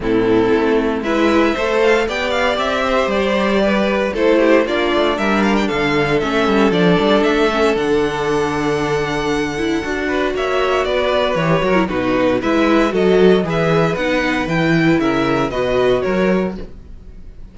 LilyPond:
<<
  \new Staff \with { instrumentName = "violin" } { \time 4/4 \tempo 4 = 116 a'2 e''4. f''8 | g''8 f''8 e''4 d''2 | c''4 d''4 e''8 f''16 g''16 f''4 | e''4 d''4 e''4 fis''4~ |
fis''1 | e''4 d''4 cis''4 b'4 | e''4 dis''4 e''4 fis''4 | g''4 e''4 dis''4 cis''4 | }
  \new Staff \with { instrumentName = "violin" } { \time 4/4 e'2 b'4 c''4 | d''4. c''4. b'4 | a'8 g'8 f'4 ais'4 a'4~ | a'1~ |
a'2.~ a'8 b'8 | cis''4 b'4. ais'8 fis'4 | b'4 a'4 b'2~ | b'4 ais'4 b'4 ais'4 | }
  \new Staff \with { instrumentName = "viola" } { \time 4/4 c'2 e'4 a'4 | g'1 | e'4 d'2. | cis'4 d'4. cis'8 d'4~ |
d'2~ d'8 e'8 fis'4~ | fis'2 g'8 fis'16 e'16 dis'4 | e'4 fis'4 gis'4 dis'4 | e'2 fis'2 | }
  \new Staff \with { instrumentName = "cello" } { \time 4/4 a,4 a4 gis4 a4 | b4 c'4 g2 | a4 ais8 a8 g4 d4 | a8 g8 f8 g8 a4 d4~ |
d2. d'4 | ais4 b4 e8 fis8 b,4 | gis4 fis4 e4 b4 | e4 cis4 b,4 fis4 | }
>>